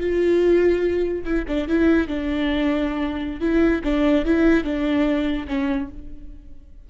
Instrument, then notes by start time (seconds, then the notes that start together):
viola
0.00 F4
1.25 E4
1.47 D4
1.68 E4
2.08 D4
3.40 E4
3.84 D4
4.25 E4
4.64 D4
5.48 C#4